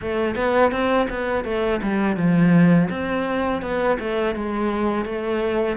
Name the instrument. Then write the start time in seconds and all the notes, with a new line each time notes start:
cello
0.01 A3
0.35 B3
0.71 C4
1.09 B3
1.44 A3
1.82 G3
2.16 F3
2.90 C4
3.61 B3
3.99 A3
4.35 G#3
5.05 A3